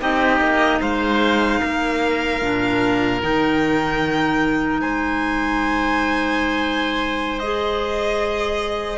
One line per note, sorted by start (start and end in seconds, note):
0.00 0.41 C4
0.00 2.40 D#4
0.00 0.81 G4
0.00 0.82 D#5
0.41 0.81 A#3
0.81 1.62 G#3
0.81 1.61 C5
0.81 3.22 F5
1.61 2.42 A#3
1.61 4.81 A#4
2.42 3.22 A#2
2.42 3.21 D4
3.21 4.81 D#3
3.21 7.41 D#4
3.21 4.81 G5
4.81 8.99 G#3
4.81 8.99 C5
4.81 7.39 G#5
7.39 8.99 G#4
7.39 8.99 D#5